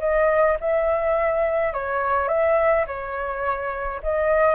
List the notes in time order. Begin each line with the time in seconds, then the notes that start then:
0.00 D#5
0.60 E5
1.73 C#5
2.28 E5
2.87 C#5
4.03 D#5